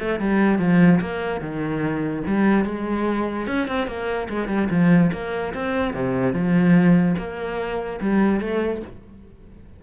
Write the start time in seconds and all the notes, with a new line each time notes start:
0.00 A3
0.20 G3
0.59 F3
1.01 A#3
1.41 D#3
2.27 G3
2.65 G#3
3.47 C#4
3.68 C4
3.87 A#3
4.29 G#3
4.48 G3
4.70 F3
5.13 A#3
5.54 C4
5.94 C3
6.33 F3
7.18 A#3
8.01 G3
8.41 A3